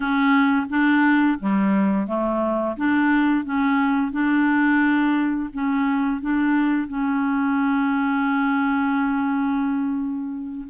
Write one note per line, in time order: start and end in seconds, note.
0.00 0.66 C#4
0.69 1.38 D4
1.39 2.07 G3
2.07 2.76 A3
2.76 3.45 D4
3.45 4.11 C#4
4.11 5.49 D4
5.53 6.21 C#4
6.21 6.88 D4
6.88 10.67 C#4